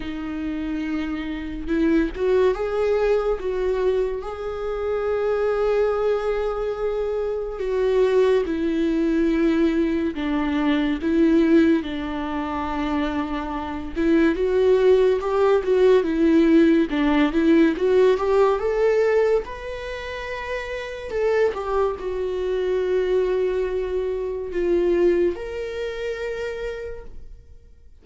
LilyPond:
\new Staff \with { instrumentName = "viola" } { \time 4/4 \tempo 4 = 71 dis'2 e'8 fis'8 gis'4 | fis'4 gis'2.~ | gis'4 fis'4 e'2 | d'4 e'4 d'2~ |
d'8 e'8 fis'4 g'8 fis'8 e'4 | d'8 e'8 fis'8 g'8 a'4 b'4~ | b'4 a'8 g'8 fis'2~ | fis'4 f'4 ais'2 | }